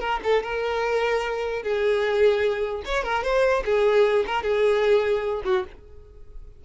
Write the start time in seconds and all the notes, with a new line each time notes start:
0.00 A#4
0.23 A4
0.43 A#4
1.63 G#4
2.85 C#5
3.03 A#4
3.23 C5
3.65 G#4
4.27 A#4
4.43 G#4
5.45 F#4